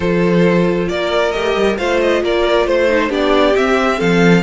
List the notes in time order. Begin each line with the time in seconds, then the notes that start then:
0.00 F3 F4 A4 C5
0.88 A#3 A#4 D5
1.31 A3 G4 D#5
1.55 G3
1.77 A3 F4 C5 F5
2.01 D#5
2.22 A#3 A#4 D5
2.65 A3 C5
2.89 D#4
3.09 B3 D4 G4 D5
3.56 C4 E5
3.98 F3 A4 F5